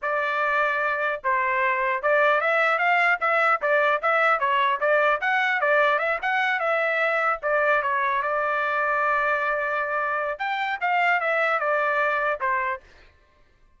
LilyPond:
\new Staff \with { instrumentName = "trumpet" } { \time 4/4 \tempo 4 = 150 d''2. c''4~ | c''4 d''4 e''4 f''4 | e''4 d''4 e''4 cis''4 | d''4 fis''4 d''4 e''8 fis''8~ |
fis''8 e''2 d''4 cis''8~ | cis''8 d''2.~ d''8~ | d''2 g''4 f''4 | e''4 d''2 c''4 | }